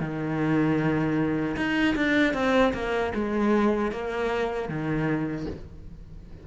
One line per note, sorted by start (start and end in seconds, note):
0.00 1.56 D#3
1.56 1.95 D#4
1.96 2.34 D4
2.34 2.73 C4
2.73 3.12 A#3
3.14 3.92 G#3
3.92 4.69 A#3
4.69 5.47 D#3